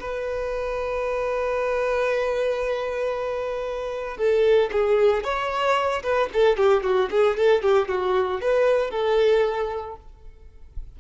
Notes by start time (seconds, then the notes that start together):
0.00 B4
4.17 A4
4.72 G#4
5.24 C#5
6.03 B4
6.33 A4
6.57 G4
6.83 F#4
7.11 G#4
7.37 A4
7.62 G4
7.88 F#4
8.41 B4
8.90 A4